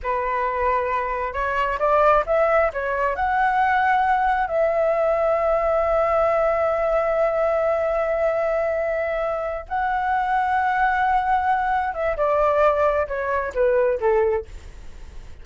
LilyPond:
\new Staff \with { instrumentName = "flute" } { \time 4/4 \tempo 4 = 133 b'2. cis''4 | d''4 e''4 cis''4 fis''4~ | fis''2 e''2~ | e''1~ |
e''1~ | e''4. fis''2~ fis''8~ | fis''2~ fis''8 e''8 d''4~ | d''4 cis''4 b'4 a'4 | }